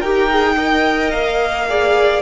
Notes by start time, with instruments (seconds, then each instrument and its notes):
0.00 cello D#4, viola G4, violin A#4 G5
0.30 viola G#4
0.56 viola A#4, violin D#5
1.12 cello A#3, violin F5
1.68 viola G#4, violin D5